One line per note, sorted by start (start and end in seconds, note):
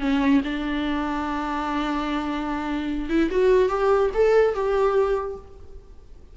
0.00 0.41 C#4
0.44 3.09 D4
3.09 3.30 E4
3.31 3.69 F#4
3.69 4.10 G4
4.14 4.54 A4
4.54 5.36 G4